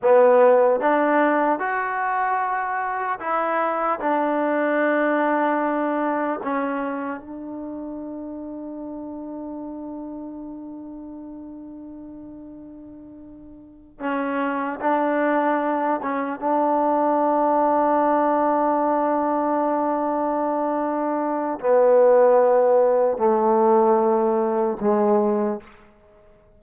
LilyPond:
\new Staff \with { instrumentName = "trombone" } { \time 4/4 \tempo 4 = 75 b4 d'4 fis'2 | e'4 d'2. | cis'4 d'2.~ | d'1~ |
d'4. cis'4 d'4. | cis'8 d'2.~ d'8~ | d'2. b4~ | b4 a2 gis4 | }